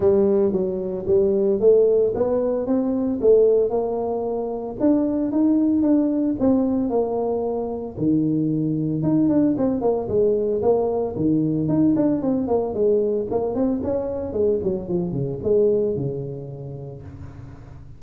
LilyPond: \new Staff \with { instrumentName = "tuba" } { \time 4/4 \tempo 4 = 113 g4 fis4 g4 a4 | b4 c'4 a4 ais4~ | ais4 d'4 dis'4 d'4 | c'4 ais2 dis4~ |
dis4 dis'8 d'8 c'8 ais8 gis4 | ais4 dis4 dis'8 d'8 c'8 ais8 | gis4 ais8 c'8 cis'4 gis8 fis8 | f8 cis8 gis4 cis2 | }